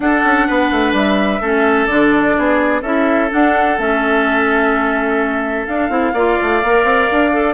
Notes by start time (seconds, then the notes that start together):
0.00 D4 A4 F#5
0.24 C#4
0.47 B3 B4
0.71 A3
0.92 G3 E5
1.40 A3 C#4 A4
1.86 D3 D4 D5
2.38 B3 G#4
2.81 C#4 E4 A4 E5
3.29 D4 F#5
3.78 A3 C#4 E5
5.66 D4 F5
5.89 C4 E4
6.13 A#3 F4 D5
6.42 A3
6.63 A#3 A#4
6.83 C4
7.11 D4
7.32 A4